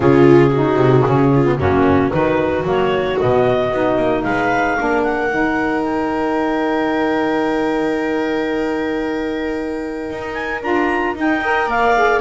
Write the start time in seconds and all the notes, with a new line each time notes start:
0.00 C#3 C#4 F4 G#4
0.50 D#4 F#4
0.76 C3
1.05 C#3 C#4
1.34 F4
1.45 B3
1.58 F#2 A#3 C#4 F#4
2.11 D#3 D#4 F#4 B4
2.64 F#3 A#3 C#5
3.19 B2 B3 D#5
3.72 B3 D#4
3.96 A#3
4.23 G#3 B4 F5
4.77 A#3 D4 A#4
5.02 F#5
5.28 D#3 D#4
5.82 G5
10.10 D#4
10.33 G#5
10.62 D4 F4 A#5
11.15 D#4 G5
11.40 A#4 D#5
11.66 A#3 D5 F5
11.95 G#4